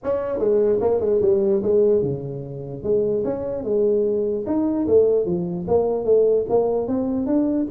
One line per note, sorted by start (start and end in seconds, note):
0.03 0.38 C#4
0.38 0.79 G#3
0.81 1.00 A#3
1.00 1.20 G#3
1.21 1.62 G3
1.62 2.02 G#3
2.02 2.83 C#3
2.83 3.23 G#3
3.24 3.63 C#4
3.63 4.44 G#3
4.46 4.86 D#4
4.87 5.25 A3
5.25 5.66 F3
5.67 6.05 A#3
6.05 6.45 A3
6.49 6.87 A#3
6.87 7.26 C4
7.26 7.67 D4